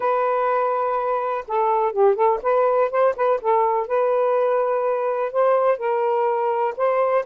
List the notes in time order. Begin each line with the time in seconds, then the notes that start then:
0.00 B4
1.47 A4
1.92 G4
2.15 A4
2.42 B4
2.90 C5
3.16 B4
3.41 A4
3.87 B4
5.32 C5
5.77 A#4
6.77 C5